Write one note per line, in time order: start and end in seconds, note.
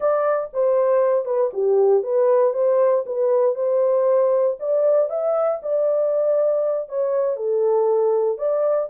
0.00 0.49 D5
0.53 1.25 C5
1.25 1.50 B4
1.53 2.03 G4
2.03 2.53 B4
2.53 3.04 C5
3.06 3.55 B4
3.55 4.56 C5
4.59 5.09 D5
5.09 5.60 E5
5.62 6.89 D5
6.89 7.36 C#5
7.36 8.38 A4
8.38 8.88 D5